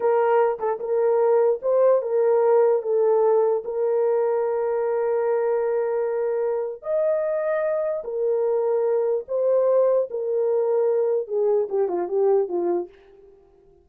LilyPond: \new Staff \with { instrumentName = "horn" } { \time 4/4 \tempo 4 = 149 ais'4. a'8 ais'2 | c''4 ais'2 a'4~ | a'4 ais'2.~ | ais'1~ |
ais'4 dis''2. | ais'2. c''4~ | c''4 ais'2. | gis'4 g'8 f'8 g'4 f'4 | }